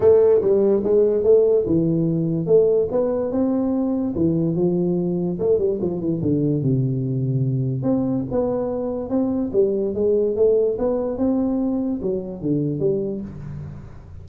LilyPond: \new Staff \with { instrumentName = "tuba" } { \time 4/4 \tempo 4 = 145 a4 g4 gis4 a4 | e2 a4 b4 | c'2 e4 f4~ | f4 a8 g8 f8 e8 d4 |
c2. c'4 | b2 c'4 g4 | gis4 a4 b4 c'4~ | c'4 fis4 d4 g4 | }